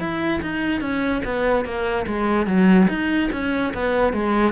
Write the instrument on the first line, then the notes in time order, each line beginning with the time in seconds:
cello
0.00 E4
0.43 D#4
0.81 C#4
1.25 B3
1.66 A#3
2.07 G#3
2.47 F#3
2.89 D#4
3.33 C#4
3.74 B3
4.14 G#3